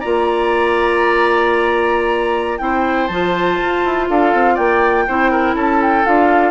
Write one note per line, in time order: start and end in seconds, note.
0.00 2.60 A#3
0.00 2.59 F4
0.00 2.58 D5
0.00 2.58 A#5
2.58 3.09 C4
2.58 3.08 E4
2.58 4.09 C5
2.58 3.07 G5
3.07 3.58 F3
3.07 5.08 F4
3.07 4.05 A5
3.61 3.84 F4
3.84 4.09 E4
4.09 4.34 D4
4.09 4.54 A4
4.09 4.56 F5
4.34 4.58 C4
4.54 5.07 A#3
4.54 5.03 D5
4.54 5.54 G5
5.07 5.54 C4
5.07 6.05 E4
5.07 5.31 C5
5.31 5.55 A#4
5.54 6.03 C#4
5.54 6.50 A4
5.54 5.81 A5
5.82 6.06 G5
6.05 6.50 D4
6.05 6.50 F4
6.05 6.50 F5